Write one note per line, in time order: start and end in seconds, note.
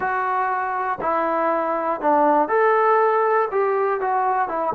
0.00 0.98 F#4
1.00 2.00 E4
2.00 2.48 D4
2.48 3.48 A4
3.50 4.00 G4
4.00 4.48 F#4
4.48 4.73 E4